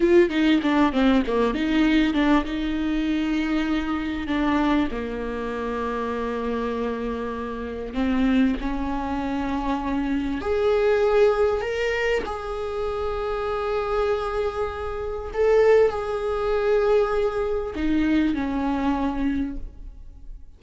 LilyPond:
\new Staff \with { instrumentName = "viola" } { \time 4/4 \tempo 4 = 98 f'8 dis'8 d'8 c'8 ais8 dis'4 d'8 | dis'2. d'4 | ais1~ | ais4 c'4 cis'2~ |
cis'4 gis'2 ais'4 | gis'1~ | gis'4 a'4 gis'2~ | gis'4 dis'4 cis'2 | }